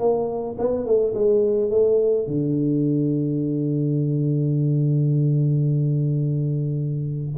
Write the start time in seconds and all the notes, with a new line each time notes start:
0.00 A#3
0.59 B3
0.86 A3
1.15 G#3
1.71 A3
2.27 D3